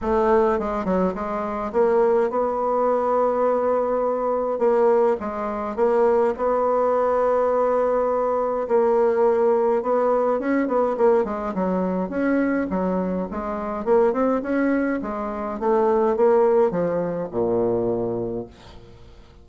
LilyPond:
\new Staff \with { instrumentName = "bassoon" } { \time 4/4 \tempo 4 = 104 a4 gis8 fis8 gis4 ais4 | b1 | ais4 gis4 ais4 b4~ | b2. ais4~ |
ais4 b4 cis'8 b8 ais8 gis8 | fis4 cis'4 fis4 gis4 | ais8 c'8 cis'4 gis4 a4 | ais4 f4 ais,2 | }